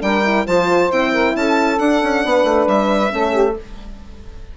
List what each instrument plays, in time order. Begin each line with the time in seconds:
0.00 bassoon G3, horn D4, saxophone A#4, violin G5
0.23 horn E4
0.46 bassoon F3, horn F4, saxophone C5, violin A5
0.90 bassoon C4, horn E4, violin G5
1.12 saxophone A#4
1.35 bassoon C#4, saxophone A4, violin A5
1.79 horn D4, bassoon D4, violin F#5
2.03 bassoon C#4
2.25 bassoon B3, saxophone B4
2.44 bassoon A3
2.67 bassoon G3, violin E5
3.10 bassoon A3, horn C#4, saxophone A4
3.32 saxophone G4